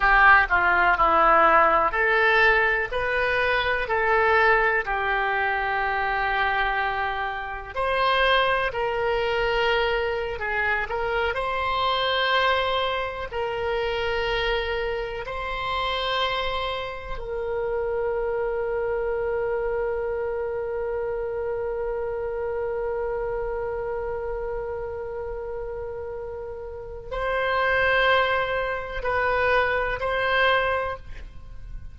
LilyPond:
\new Staff \with { instrumentName = "oboe" } { \time 4/4 \tempo 4 = 62 g'8 f'8 e'4 a'4 b'4 | a'4 g'2. | c''4 ais'4.~ ais'16 gis'8 ais'8 c''16~ | c''4.~ c''16 ais'2 c''16~ |
c''4.~ c''16 ais'2~ ais'16~ | ais'1~ | ais'1 | c''2 b'4 c''4 | }